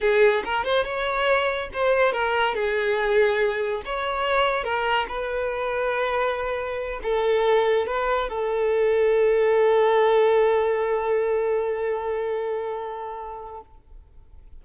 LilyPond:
\new Staff \with { instrumentName = "violin" } { \time 4/4 \tempo 4 = 141 gis'4 ais'8 c''8 cis''2 | c''4 ais'4 gis'2~ | gis'4 cis''2 ais'4 | b'1~ |
b'8 a'2 b'4 a'8~ | a'1~ | a'1~ | a'1 | }